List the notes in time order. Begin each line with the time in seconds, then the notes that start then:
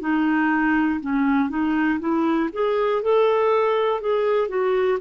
0.00 D#4
1.00 C#4
1.50 D#4
2.00 E4
2.53 G#4
3.02 A4
4.01 G#4
4.49 F#4